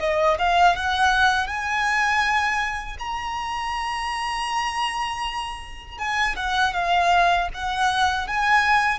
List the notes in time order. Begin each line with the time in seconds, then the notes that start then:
0.00 D#5
0.39 F5
0.76 F#5
1.47 G#5
2.99 A#5
5.98 G#5
6.36 F#5
6.74 F5
7.54 F#5
8.28 G#5